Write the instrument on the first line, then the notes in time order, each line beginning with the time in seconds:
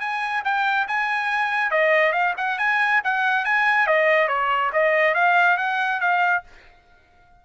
trumpet
0.00 G#5
0.44 G5
0.87 G#5
1.71 D#5
2.13 F5
2.37 F#5
2.59 G#5
3.04 F#5
3.45 G#5
3.87 D#5
4.28 C#5
4.73 D#5
5.14 F5
5.57 F#5
6.00 F5